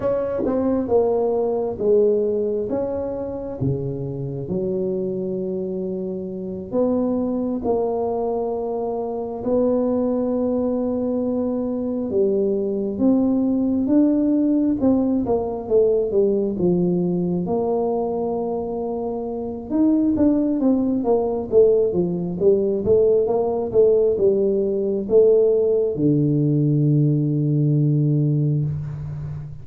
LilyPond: \new Staff \with { instrumentName = "tuba" } { \time 4/4 \tempo 4 = 67 cis'8 c'8 ais4 gis4 cis'4 | cis4 fis2~ fis8 b8~ | b8 ais2 b4.~ | b4. g4 c'4 d'8~ |
d'8 c'8 ais8 a8 g8 f4 ais8~ | ais2 dis'8 d'8 c'8 ais8 | a8 f8 g8 a8 ais8 a8 g4 | a4 d2. | }